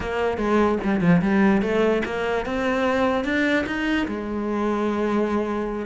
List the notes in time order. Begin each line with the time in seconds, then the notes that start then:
0.00 A#3
0.37 G#3
0.83 G3
1.00 F3
1.21 G3
1.61 A3
2.05 A#3
2.45 C4
3.24 D4
3.66 D#4
4.07 G#3